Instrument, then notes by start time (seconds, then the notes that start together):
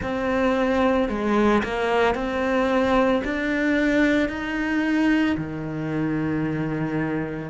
cello
0.02 C4
1.09 G#3
1.63 A#3
2.14 C4
3.24 D4
4.29 D#4
5.37 D#3